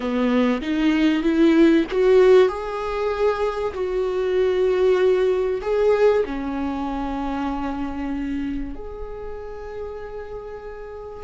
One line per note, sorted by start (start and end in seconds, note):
0.00 0.61 B3
0.61 1.22 D#4
1.22 1.85 E4
1.91 2.48 F#4
2.48 3.73 G#4
3.73 5.61 F#4
5.61 6.24 G#4
6.25 8.75 C#4
8.75 11.23 G#4